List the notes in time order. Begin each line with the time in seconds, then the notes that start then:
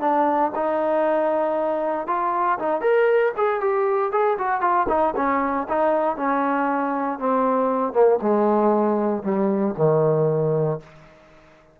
0.00 D4
0.55 D#4
2.07 F4
2.59 D#4
2.81 A#4
3.37 G#4
3.60 G4
4.12 G#4
4.38 F#4
4.61 F4
4.89 D#4
5.16 C#4
5.68 D#4
6.16 C#4
7.19 C4
7.93 A#3
8.22 G#3
9.23 G3
9.77 D#3